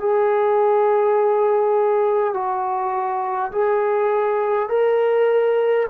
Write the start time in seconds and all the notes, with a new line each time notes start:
0.00 G#4
2.34 F#4
3.52 G#4
4.69 A#4